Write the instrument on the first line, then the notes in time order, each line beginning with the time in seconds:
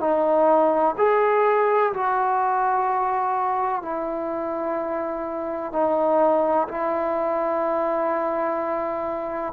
trombone
0.00 D#4
0.98 G#4
1.94 F#4
3.83 E4
5.73 D#4
6.68 E4